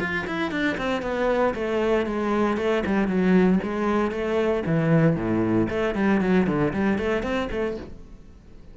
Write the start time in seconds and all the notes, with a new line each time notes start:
0.00 F4
0.27 E4
0.51 D4
0.78 C4
1.02 B3
1.54 A3
2.06 G#3
2.57 A3
2.86 G3
3.08 F#3
3.63 G#3
4.11 A3
4.66 E3
5.16 A2
5.70 A3
5.95 G3
6.21 F#3
6.47 D3
6.73 G3
6.98 A3
7.23 C4
7.51 A3